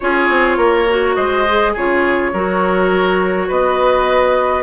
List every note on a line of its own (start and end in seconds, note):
0.00 0.29 C#4
0.00 0.88 F4
0.00 0.57 G#4
0.00 1.15 C#5
0.29 0.57 C4
0.57 1.15 A#3
0.57 1.15 A#4
0.89 1.47 F#4
1.15 1.75 G#3
1.15 1.72 C5
1.15 1.73 D#5
1.47 1.76 G#4
1.72 2.32 C#3
1.72 2.33 F4
1.72 2.31 G#4
1.72 3.50 C#5
2.32 3.49 F#3
2.32 4.62 F#4
2.32 3.48 A#4
3.48 4.62 B3
3.48 4.62 B4
3.48 4.62 D#5